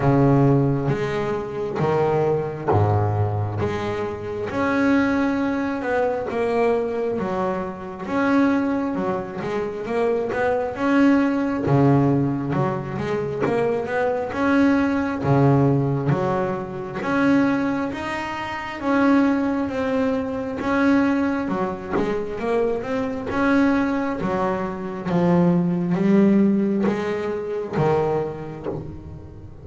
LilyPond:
\new Staff \with { instrumentName = "double bass" } { \time 4/4 \tempo 4 = 67 cis4 gis4 dis4 gis,4 | gis4 cis'4. b8 ais4 | fis4 cis'4 fis8 gis8 ais8 b8 | cis'4 cis4 fis8 gis8 ais8 b8 |
cis'4 cis4 fis4 cis'4 | dis'4 cis'4 c'4 cis'4 | fis8 gis8 ais8 c'8 cis'4 fis4 | f4 g4 gis4 dis4 | }